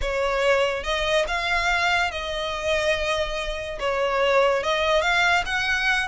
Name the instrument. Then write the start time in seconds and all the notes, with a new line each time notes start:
violin
0.01 C#5
0.83 D#5
1.27 F5
2.11 D#5
3.79 C#5
4.63 D#5
5.01 F5
5.45 F#5